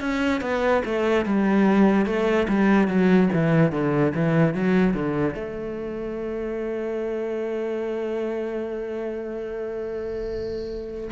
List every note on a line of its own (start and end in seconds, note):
0.00 0.41 C#4
0.41 0.82 B3
0.85 1.26 A3
1.26 2.06 G3
2.06 2.47 A3
2.48 2.88 G3
2.88 3.29 F#3
3.33 3.72 E3
3.72 4.13 D3
4.15 4.54 E3
4.54 4.94 F#3
4.94 5.35 D3
5.35 11.10 A3